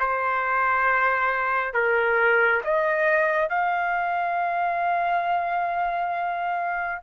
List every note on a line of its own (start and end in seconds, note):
0.00 1.74 C5
1.74 2.62 A#4
2.64 3.49 D#5
3.49 7.02 F5